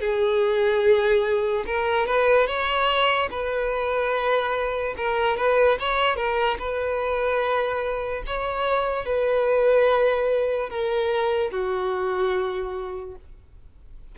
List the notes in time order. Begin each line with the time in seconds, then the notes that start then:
0.00 G#4
1.66 A#4
2.07 B4
2.47 C#5
3.30 B4
4.97 A#4
5.37 B4
5.79 C#5
6.16 A#4
6.59 B4
8.26 C#5
9.05 B4
10.70 A#4
11.51 F#4